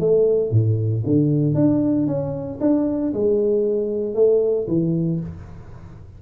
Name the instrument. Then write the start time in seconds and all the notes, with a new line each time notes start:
tuba
0.00 A3
0.51 A2
1.06 D3
1.55 D4
2.07 C#4
2.61 D4
3.14 G#3
4.15 A3
4.68 E3